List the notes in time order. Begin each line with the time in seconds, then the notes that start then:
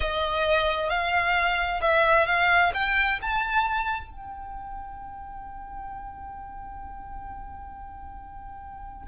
0.00 D#5
0.89 F5
1.81 E5
2.26 F5
2.74 G5
3.21 A5
4.10 G5